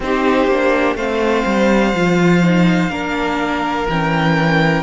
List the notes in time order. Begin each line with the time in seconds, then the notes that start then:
0.00 C4 D#4 G4 C5
0.47 A#3 D4
0.95 A3 C4 C5 F5
1.45 G3
1.93 F3 F4
2.42 D#4
2.90 A#3 D4 A#4
3.89 E3 C#4 G5